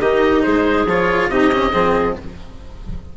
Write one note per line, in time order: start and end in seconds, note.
0.00 0.43 D#3
0.00 0.87 D#4
0.00 0.43 G4
0.00 0.42 D#5
0.42 0.86 G#3
0.42 1.29 G#4
0.42 0.85 C5
0.86 1.28 F3
0.86 1.31 F4
0.86 1.29 C#5
1.28 1.71 C3
1.28 1.52 D#4
1.28 1.71 G4
1.28 2.15 D#5
1.53 1.73 C#4
1.71 2.17 F3
1.71 2.16 C4
1.71 2.14 G#4